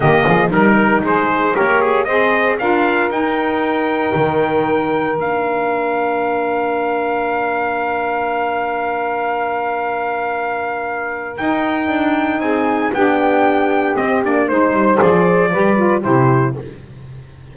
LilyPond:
<<
  \new Staff \with { instrumentName = "trumpet" } { \time 4/4 \tempo 4 = 116 dis''4 ais'4 c''4 ais'8 gis'8 | dis''4 f''4 g''2~ | g''2 f''2~ | f''1~ |
f''1~ | f''2 g''2 | gis''4 g''2 dis''8 d''8 | c''4 d''2 c''4 | }
  \new Staff \with { instrumentName = "saxophone" } { \time 4/4 g'8 gis'8 ais'4 gis'4 cis''4 | c''4 ais'2.~ | ais'1~ | ais'1~ |
ais'1~ | ais'1 | gis'4 g'2. | c''2 b'4 g'4 | }
  \new Staff \with { instrumentName = "saxophone" } { \time 4/4 ais4 dis'2 g'4 | gis'4 f'4 dis'2~ | dis'2 d'2~ | d'1~ |
d'1~ | d'2 dis'2~ | dis'4 d'2 c'8 d'8 | dis'4 gis'4 g'8 f'8 e'4 | }
  \new Staff \with { instrumentName = "double bass" } { \time 4/4 dis8 f8 g4 gis4 ais4 | c'4 d'4 dis'2 | dis2 ais2~ | ais1~ |
ais1~ | ais2 dis'4 d'4 | c'4 b2 c'8 ais8 | gis8 g8 f4 g4 c4 | }
>>